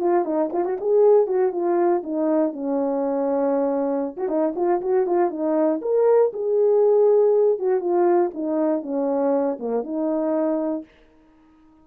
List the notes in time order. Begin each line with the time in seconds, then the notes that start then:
0.00 F4
0.25 D#4
0.53 F4
0.65 F#4
0.81 G#4
1.27 F#4
1.52 F4
2.03 D#4
2.53 C#4
4.17 F#4
4.29 D#4
4.56 F4
4.82 F#4
5.07 F4
5.31 D#4
5.82 A#4
6.33 G#4
7.59 F#4
7.81 F4
8.34 D#4
8.83 C#4
9.60 A#3
9.84 D#4